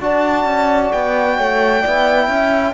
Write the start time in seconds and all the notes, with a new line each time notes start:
0.00 D4 F#4 D5 A5
0.45 C#4
0.92 B3 G5
1.37 A3 C#5
1.81 B3 E4 D5
2.28 C#4 E5